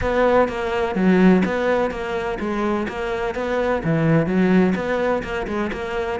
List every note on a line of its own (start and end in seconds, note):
0.01 0.48 B3
0.48 0.95 A#3
0.95 1.42 F#3
1.45 1.90 B3
1.90 2.38 A#3
2.39 2.87 G#3
2.88 3.34 A#3
3.34 3.82 B3
3.84 4.26 E3
4.26 4.74 F#3
4.75 5.22 B3
5.23 5.46 A#3
5.47 5.71 G#3
5.72 6.19 A#3